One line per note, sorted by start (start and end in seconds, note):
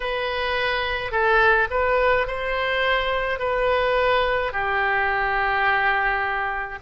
0.00 1.11 B4
1.11 1.68 A4
1.70 2.26 B4
2.27 3.39 C5
3.39 4.52 B4
4.52 6.78 G4